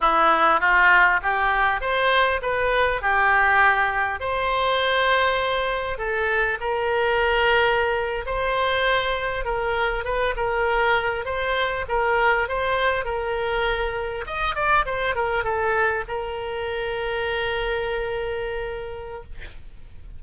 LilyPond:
\new Staff \with { instrumentName = "oboe" } { \time 4/4 \tempo 4 = 100 e'4 f'4 g'4 c''4 | b'4 g'2 c''4~ | c''2 a'4 ais'4~ | ais'4.~ ais'16 c''2 ais'16~ |
ais'8. b'8 ais'4. c''4 ais'16~ | ais'8. c''4 ais'2 dis''16~ | dis''16 d''8 c''8 ais'8 a'4 ais'4~ ais'16~ | ais'1 | }